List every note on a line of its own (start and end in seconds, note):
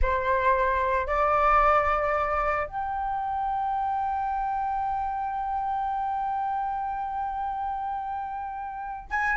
0.02 1.06 C5
1.06 2.67 D5
2.67 9.10 G5
9.10 9.37 G#5